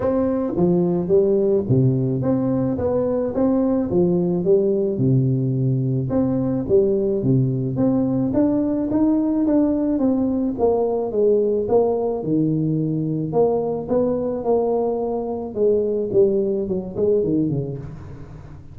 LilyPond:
\new Staff \with { instrumentName = "tuba" } { \time 4/4 \tempo 4 = 108 c'4 f4 g4 c4 | c'4 b4 c'4 f4 | g4 c2 c'4 | g4 c4 c'4 d'4 |
dis'4 d'4 c'4 ais4 | gis4 ais4 dis2 | ais4 b4 ais2 | gis4 g4 fis8 gis8 dis8 cis8 | }